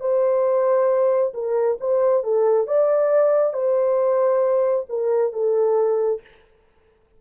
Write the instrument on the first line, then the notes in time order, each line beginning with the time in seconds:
horn
0.00 C5
1.34 A#4
1.80 C5
2.23 A4
2.67 D5
3.53 C5
4.89 A#4
5.33 A4